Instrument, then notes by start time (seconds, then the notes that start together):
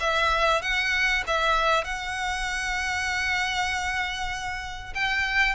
violin
0.00 E5
0.62 F#5
1.27 E5
1.84 F#5
4.95 G5